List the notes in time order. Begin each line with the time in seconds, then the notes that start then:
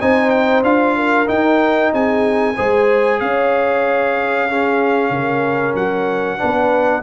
0.00 C4 D#4 C5 G#5
0.30 G5
0.63 D4 F4 F5
0.96 A#4
1.26 D#4 G5
1.93 C4 G#4 G#5
2.55 G#3 G#4 C5
3.20 C#4 C#5 F5
4.48 C#4 G#4
5.10 C#3 A#4
5.74 F#3 F#5
6.38 B3 D4 B4